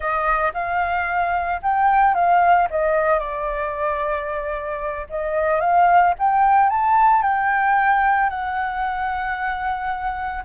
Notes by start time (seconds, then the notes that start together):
0.00 D#5
0.53 F5
1.62 G5
2.14 F5
2.70 D#5
3.19 D5
5.09 D#5
5.60 F5
6.19 G5
6.69 A5
7.22 G5
8.29 F#5